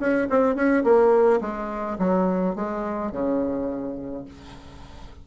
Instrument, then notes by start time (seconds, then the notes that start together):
bassoon
0.00 C#4
0.30 C4
0.56 C#4
0.84 A#3
1.42 G#3
1.99 F#3
2.55 G#3
3.12 C#3